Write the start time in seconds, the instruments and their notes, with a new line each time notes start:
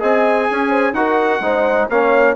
0.00 bassoon C4, trombone G#4, horn D#5, trumpet G#5
0.51 bassoon C#4, horn C#5
0.70 horn C5
0.93 bassoon D#4, trombone F#4, horn A#4, trumpet F#5
1.41 bassoon G#3, trombone D#4, horn C5
1.89 bassoon A#3, trombone C#4, horn C#5, trumpet F5